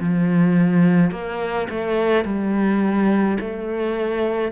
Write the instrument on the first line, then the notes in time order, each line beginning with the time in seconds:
cello
0.00 F3
1.12 A#3
1.70 A3
2.25 G3
3.41 A3